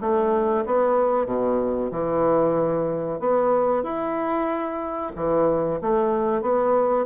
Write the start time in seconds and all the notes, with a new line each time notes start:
0.00 A3
0.65 B3
1.26 B2
1.91 E3
3.19 B3
3.83 E4
5.15 E3
5.81 A3
6.41 B3